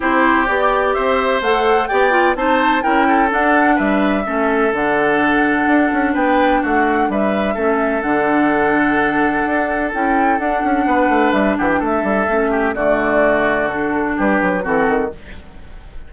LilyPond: <<
  \new Staff \with { instrumentName = "flute" } { \time 4/4 \tempo 4 = 127 c''4 d''4 e''4 fis''4 | g''4 a''4 g''4 fis''4 | e''2 fis''2~ | fis''4 g''4 fis''4 e''4~ |
e''4 fis''2.~ | fis''4 g''4 fis''2 | e''8 fis''16 g''16 e''2 d''4~ | d''4 a'4 b'4 a'4 | }
  \new Staff \with { instrumentName = "oboe" } { \time 4/4 g'2 c''2 | d''4 c''4 ais'8 a'4. | b'4 a'2.~ | a'4 b'4 fis'4 b'4 |
a'1~ | a'2. b'4~ | b'8 g'8 a'4. g'8 fis'4~ | fis'2 g'4 fis'4 | }
  \new Staff \with { instrumentName = "clarinet" } { \time 4/4 e'4 g'2 a'4 | g'8 f'8 dis'4 e'4 d'4~ | d'4 cis'4 d'2~ | d'1 |
cis'4 d'2.~ | d'4 e'4 d'2~ | d'2 cis'4 a4~ | a4 d'2 c'4 | }
  \new Staff \with { instrumentName = "bassoon" } { \time 4/4 c'4 b4 c'4 a4 | b4 c'4 cis'4 d'4 | g4 a4 d2 | d'8 cis'8 b4 a4 g4 |
a4 d2. | d'4 cis'4 d'8 cis'8 b8 a8 | g8 e8 a8 g8 a4 d4~ | d2 g8 fis8 e8 dis8 | }
>>